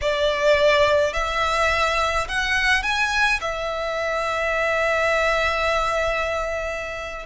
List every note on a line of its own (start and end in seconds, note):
0.01 1.13 D5
1.13 2.27 E5
2.28 2.82 F#5
2.82 3.39 G#5
3.40 7.26 E5